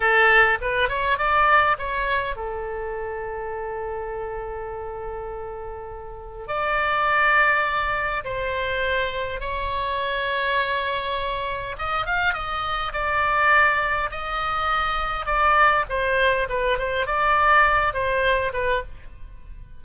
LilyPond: \new Staff \with { instrumentName = "oboe" } { \time 4/4 \tempo 4 = 102 a'4 b'8 cis''8 d''4 cis''4 | a'1~ | a'2. d''4~ | d''2 c''2 |
cis''1 | dis''8 f''8 dis''4 d''2 | dis''2 d''4 c''4 | b'8 c''8 d''4. c''4 b'8 | }